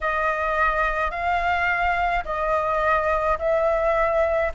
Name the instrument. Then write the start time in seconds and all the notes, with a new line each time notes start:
flute
0.01 D#5
1.10 F5
2.24 D#5
3.39 E5